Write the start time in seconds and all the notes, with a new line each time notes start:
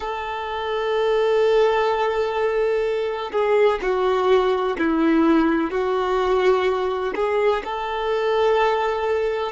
0.00 A4
3.32 G#4
3.82 F#4
4.77 E4
5.71 F#4
7.15 G#4
7.64 A4